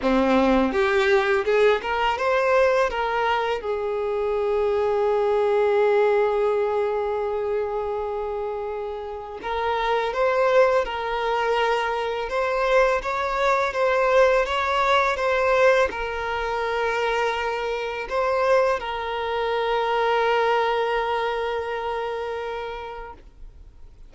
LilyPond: \new Staff \with { instrumentName = "violin" } { \time 4/4 \tempo 4 = 83 c'4 g'4 gis'8 ais'8 c''4 | ais'4 gis'2.~ | gis'1~ | gis'4 ais'4 c''4 ais'4~ |
ais'4 c''4 cis''4 c''4 | cis''4 c''4 ais'2~ | ais'4 c''4 ais'2~ | ais'1 | }